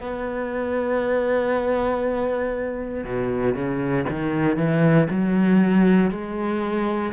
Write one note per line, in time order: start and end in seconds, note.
0.00 3.04 B3
3.04 3.54 B2
3.54 4.05 C#3
4.09 4.56 D#3
4.56 5.07 E3
5.10 6.10 F#3
6.10 7.12 G#3